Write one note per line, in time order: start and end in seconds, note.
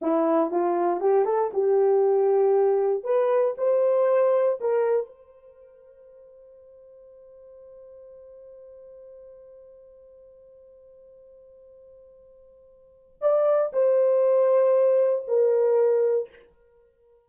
0.01 0.50 E4
0.50 1.00 F4
1.00 1.25 G4
1.25 1.50 A4
1.53 3.03 G4
3.03 3.54 B4
3.57 4.59 C5
4.60 5.06 A#4
5.06 13.19 C5
13.21 13.71 D5
13.73 15.25 C5
15.27 16.29 A#4